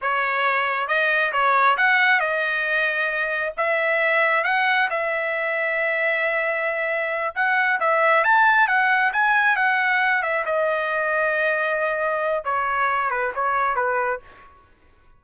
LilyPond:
\new Staff \with { instrumentName = "trumpet" } { \time 4/4 \tempo 4 = 135 cis''2 dis''4 cis''4 | fis''4 dis''2. | e''2 fis''4 e''4~ | e''1~ |
e''8 fis''4 e''4 a''4 fis''8~ | fis''8 gis''4 fis''4. e''8 dis''8~ | dis''1 | cis''4. b'8 cis''4 b'4 | }